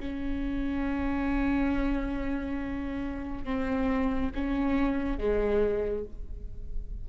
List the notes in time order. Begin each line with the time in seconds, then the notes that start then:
0.00 C#4
3.45 C4
4.35 C#4
5.19 G#3